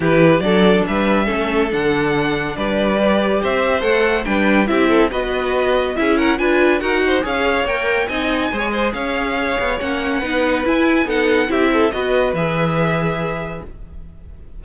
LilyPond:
<<
  \new Staff \with { instrumentName = "violin" } { \time 4/4 \tempo 4 = 141 b'4 d''4 e''2 | fis''2 d''2 | e''4 fis''4 g''4 e''4 | dis''2 e''8 fis''8 gis''4 |
fis''4 f''4 g''4 gis''4~ | gis''4 f''2 fis''4~ | fis''4 gis''4 fis''4 e''4 | dis''4 e''2. | }
  \new Staff \with { instrumentName = "violin" } { \time 4/4 g'4 a'4 b'4 a'4~ | a'2 b'2 | c''2 b'4 g'8 a'8 | b'2 gis'8 ais'8 b'4 |
ais'8 c''8 cis''2 dis''4 | c''16 cis''16 c''8 cis''2. | b'2 a'4 g'8 a'8 | b'1 | }
  \new Staff \with { instrumentName = "viola" } { \time 4/4 e'4 d'2 cis'4 | d'2. g'4~ | g'4 a'4 d'4 e'4 | fis'2 e'4 f'4 |
fis'4 gis'4 ais'4 dis'4 | gis'2. cis'4 | dis'4 e'4 dis'4 e'4 | fis'4 gis'2. | }
  \new Staff \with { instrumentName = "cello" } { \time 4/4 e4 fis4 g4 a4 | d2 g2 | c'4 a4 g4 c'4 | b2 cis'4 d'4 |
dis'4 cis'4 ais4 c'4 | gis4 cis'4. b8 ais4 | b4 e'4 b4 c'4 | b4 e2. | }
>>